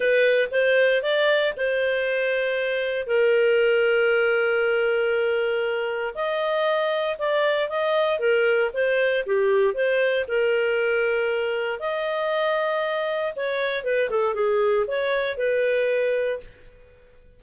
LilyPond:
\new Staff \with { instrumentName = "clarinet" } { \time 4/4 \tempo 4 = 117 b'4 c''4 d''4 c''4~ | c''2 ais'2~ | ais'1 | dis''2 d''4 dis''4 |
ais'4 c''4 g'4 c''4 | ais'2. dis''4~ | dis''2 cis''4 b'8 a'8 | gis'4 cis''4 b'2 | }